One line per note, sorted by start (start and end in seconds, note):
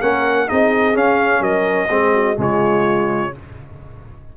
0.00 0.50 A#3
0.00 0.48 C#4
0.00 0.47 A#4
0.00 0.49 F#5
0.47 0.95 C4
0.47 0.93 D#4
0.47 1.41 G#4
0.47 0.96 D#5
0.93 1.88 C#4
0.93 1.40 C#4
0.93 1.43 F5
1.40 1.88 F#3
1.40 1.89 A#4
1.40 2.38 D#5
1.89 2.37 G#3
1.89 2.37 C4
1.89 2.14 G#4
2.14 2.38 F#4
2.37 3.33 C#3
2.37 3.32 G#3
2.37 3.34 F4
2.37 3.37 C#5